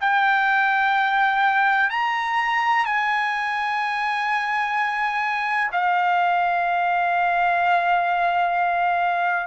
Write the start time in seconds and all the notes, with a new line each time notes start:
0.00 G5
1.90 A#5
2.85 G#5
5.72 F5